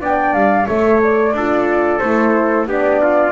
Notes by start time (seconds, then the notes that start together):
0.00 B3 D4 D5 G5
0.33 G3 F5
0.66 A3 A4 C#5 E5
1.03 D5
1.32 D4 F4 A4
1.99 A3 E4 C5
2.66 B3 D4 G4 D5
3.02 F4